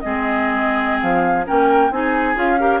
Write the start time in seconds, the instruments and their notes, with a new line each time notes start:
0.00 bassoon G#3, clarinet C4, oboe G#4, flute D#5
1.01 bassoon F3, flute F5
1.45 bassoon A#3, clarinet C#4, oboe A#4, flute G5
1.90 bassoon C4, clarinet D#4, oboe G#4, flute G#5
2.35 bassoon C#4, clarinet F4, flute F5
2.59 clarinet G4, oboe A#4